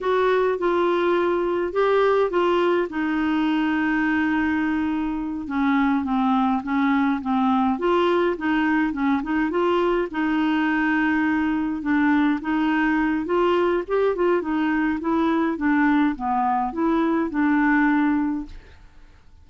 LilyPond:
\new Staff \with { instrumentName = "clarinet" } { \time 4/4 \tempo 4 = 104 fis'4 f'2 g'4 | f'4 dis'2.~ | dis'4. cis'4 c'4 cis'8~ | cis'8 c'4 f'4 dis'4 cis'8 |
dis'8 f'4 dis'2~ dis'8~ | dis'8 d'4 dis'4. f'4 | g'8 f'8 dis'4 e'4 d'4 | b4 e'4 d'2 | }